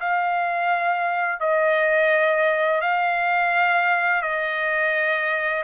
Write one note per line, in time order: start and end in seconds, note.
0.00 1.40 F5
1.40 2.81 D#5
2.81 4.22 F5
4.22 5.63 D#5